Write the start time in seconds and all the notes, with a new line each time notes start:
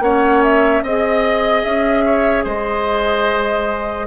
0.00 A#3 C#4 C#5 F#5
0.43 E5
0.83 C4 G#4 D#5
1.63 C#4 E5
2.06 C#5
2.44 G#3 C5 D#5